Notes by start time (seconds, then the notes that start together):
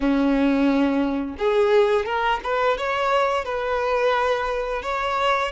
0.00 C#4
1.38 G#4
2.05 A#4
2.43 B4
2.77 C#5
3.45 B4
4.82 C#5